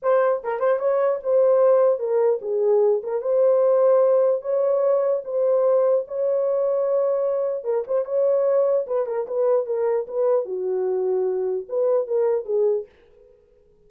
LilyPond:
\new Staff \with { instrumentName = "horn" } { \time 4/4 \tempo 4 = 149 c''4 ais'8 c''8 cis''4 c''4~ | c''4 ais'4 gis'4. ais'8 | c''2. cis''4~ | cis''4 c''2 cis''4~ |
cis''2. ais'8 c''8 | cis''2 b'8 ais'8 b'4 | ais'4 b'4 fis'2~ | fis'4 b'4 ais'4 gis'4 | }